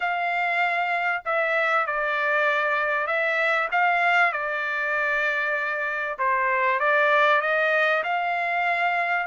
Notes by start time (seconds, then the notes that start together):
0.00 F5
1.25 E5
1.86 D5
3.06 E5
3.71 F5
4.32 D5
6.18 C5
6.79 D5
7.41 D#5
8.03 F5